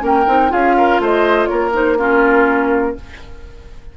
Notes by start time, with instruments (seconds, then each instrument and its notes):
0.00 bassoon A#3, clarinet C#4, oboe A#4, flute G5
0.27 bassoon C4, clarinet D#4
0.50 bassoon C#4, clarinet F4, oboe G#4, flute F5
0.77 oboe A#4
1.00 bassoon A3, oboe C5, flute D#5
1.47 bassoon A#3, oboe A#4, flute C#5
1.72 clarinet D#4, flute C5
1.98 clarinet C#4, oboe F4, flute A#4